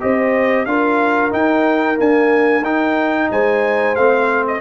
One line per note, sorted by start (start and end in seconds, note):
0.00 0.66 C4
0.00 0.66 G4
0.00 0.68 C5
0.00 0.65 D#5
0.65 1.32 D4
0.65 1.31 F4
0.65 3.31 A#4
0.65 1.31 F5
1.31 1.96 D#4
1.31 1.98 D#4
1.31 1.99 G5
1.96 2.62 A#3
1.96 2.62 D4
1.96 2.64 G#5
2.62 3.28 D#4
2.62 3.96 D#4
2.62 3.30 G5
3.31 3.95 G#3
3.31 4.60 C5
3.31 3.95 G#5
3.95 4.60 A3
3.95 4.60 C4
3.95 4.45 F5
4.47 4.60 D#5